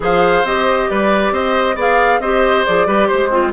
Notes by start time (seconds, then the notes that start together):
0.00 F3 G#4 C5 F5
0.43 C4 G4 D#5
0.89 G3 B4 D5
1.31 C4 C5 D#5
1.75 B3 G#4 D5 F5
2.19 C4 G4 C5 D#5
2.65 F3 G#4 D5
2.86 G3 G4 B4
3.07 G#3 C5
3.29 C4 F4